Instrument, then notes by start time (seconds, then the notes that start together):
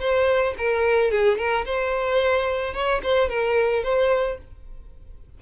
violin
0.00 C5
0.58 A#4
1.11 G#4
1.38 A#4
1.66 C5
2.74 C#5
3.03 C5
3.29 A#4
3.84 C5